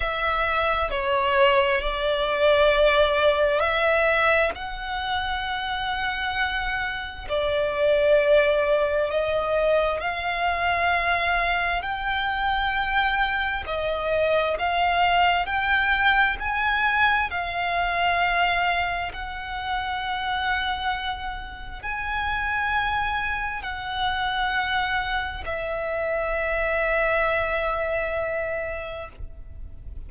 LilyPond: \new Staff \with { instrumentName = "violin" } { \time 4/4 \tempo 4 = 66 e''4 cis''4 d''2 | e''4 fis''2. | d''2 dis''4 f''4~ | f''4 g''2 dis''4 |
f''4 g''4 gis''4 f''4~ | f''4 fis''2. | gis''2 fis''2 | e''1 | }